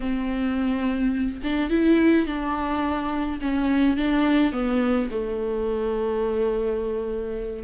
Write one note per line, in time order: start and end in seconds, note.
0.00 1.41 C4
1.43 1.70 D4
1.70 2.26 E4
2.26 3.39 D4
3.41 3.96 C#4
3.96 4.52 D4
4.52 5.09 B3
5.10 7.63 A3